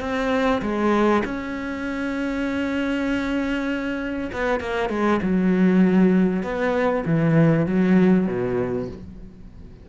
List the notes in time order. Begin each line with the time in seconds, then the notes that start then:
0.00 C4
0.62 G#3
1.24 C#4
4.32 B3
4.60 A#3
4.89 G#3
5.22 F#3
6.43 B3
7.05 E3
7.66 F#3
8.27 B2